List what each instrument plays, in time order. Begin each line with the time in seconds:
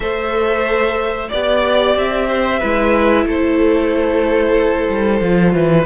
0.00 cello A3, viola A4, violin C5 E5
1.28 cello B3, viola G4, violin D5
1.95 cello C4, violin E5
2.28 violin C5
2.59 cello G#3, viola E4, violin B4
3.25 cello A3, violin A4 C5
4.88 cello G3
5.20 cello F3, viola F4
5.53 cello E3, violin B4